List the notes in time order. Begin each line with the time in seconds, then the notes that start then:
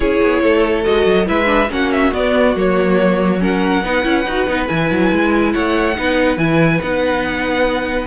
0.00 C#4 E4 G#4 C#5
0.22 B3
0.43 A3 A4
0.83 G#3 F#4 D#5
1.06 F#3
1.26 G#3 E4 B4 E5
1.45 D4
1.69 A#3 C#4 F#4 F#5
1.92 E5
2.12 B3 D5
2.55 F#3 A#3 C#5
3.39 C#4 A#4 F#5
3.82 B3 D#4 B4
4.02 C#4 E4
4.25 D#4 F#4
4.47 B3 D#4
4.67 E3 E4 G#5
4.91 F#3
5.12 G#3
5.52 A3 C#5 F#5
5.96 B3 D#4 B4
6.36 E3 E4 G#5
6.81 B3 D#4 F#5